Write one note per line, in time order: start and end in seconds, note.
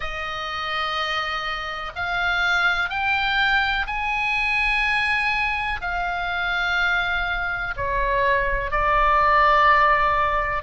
0.00 1.91 D#5
1.95 2.89 F5
2.89 3.86 G5
3.86 5.80 G#5
5.81 7.74 F5
7.76 8.71 C#5
8.71 10.62 D5